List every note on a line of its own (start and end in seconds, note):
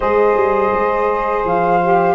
0.00 0.36 G#3
0.00 1.80 G#4
0.00 2.14 C5
0.00 1.44 D#5
0.36 0.72 G3
0.73 1.44 G#3
1.44 2.14 F3
1.44 2.14 F5
1.82 2.14 G4